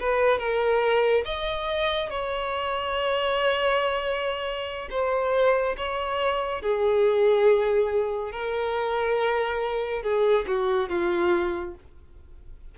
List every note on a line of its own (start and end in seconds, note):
0.00 0.39 B4
0.39 1.25 A#4
1.25 2.10 D#5
2.10 4.89 C#5
4.91 5.76 C5
5.77 6.62 C#5
6.62 8.32 G#4
8.32 10.03 A#4
10.03 10.46 G#4
10.48 10.89 F#4
10.89 11.75 F4